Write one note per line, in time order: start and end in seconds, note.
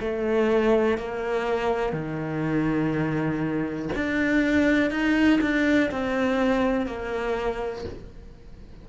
0.00 0.98 A3
0.98 1.92 A#3
1.92 3.89 D#3
3.95 4.90 D4
4.90 5.40 D#4
5.41 5.90 D4
5.91 6.86 C4
6.86 7.85 A#3